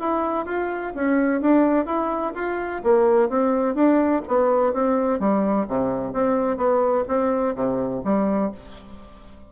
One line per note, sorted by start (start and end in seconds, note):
0.00 0.46 E4
0.46 0.93 F4
0.95 1.41 C#4
1.41 1.86 D4
1.86 2.33 E4
2.35 2.82 F4
2.84 3.29 A#3
3.29 3.75 C4
3.75 4.22 D4
4.28 4.73 B3
4.73 5.20 C4
5.20 5.67 G3
5.68 6.14 C3
6.14 6.58 C4
6.58 7.05 B3
7.08 7.55 C4
7.55 8.03 C3
8.04 8.52 G3